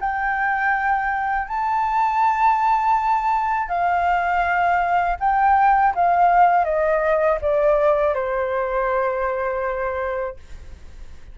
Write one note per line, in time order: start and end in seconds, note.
0.00 1.47 G5
1.47 3.68 A5
3.68 5.16 F5
5.19 5.93 G5
5.95 6.64 F5
6.64 7.38 D#5
7.41 8.14 D5
8.14 10.36 C5